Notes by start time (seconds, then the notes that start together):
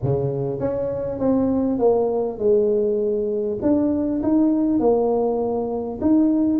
0.02 C#3
0.59 C#4
1.19 C4
1.78 A#3
2.38 G#3
3.62 D4
4.22 D#4
4.79 A#3
6.01 D#4